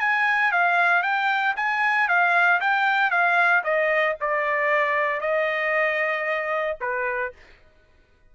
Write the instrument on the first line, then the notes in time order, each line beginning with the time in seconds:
trumpet
0.00 G#5
0.52 F5
1.03 G5
1.57 G#5
2.08 F5
2.61 G5
3.11 F5
3.64 D#5
4.21 D5
5.21 D#5
6.81 B4